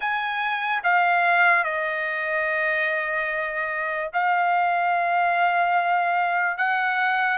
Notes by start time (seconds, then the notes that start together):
0.00 G#5
0.83 F5
1.64 D#5
4.13 F5
6.58 F#5